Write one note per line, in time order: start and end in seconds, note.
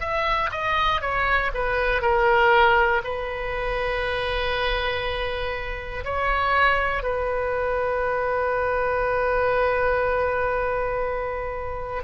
0.00 0.50 E5
0.51 1.01 D#5
1.01 1.51 C#5
1.54 2.01 B4
2.01 3.01 A#4
3.04 6.04 B4
6.05 7.02 C#5
7.02 12.02 B4